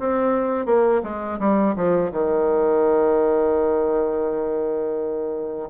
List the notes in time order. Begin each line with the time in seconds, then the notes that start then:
0.00 C4
0.66 A#3
1.04 G#3
1.40 G3
1.76 F3
2.12 D#3